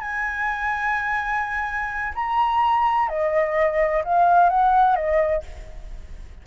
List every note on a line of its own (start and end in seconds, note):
0.00 2.13 G#5
2.15 3.09 A#5
3.09 4.03 D#5
4.04 4.49 F5
4.49 4.96 F#5
4.96 5.43 D#5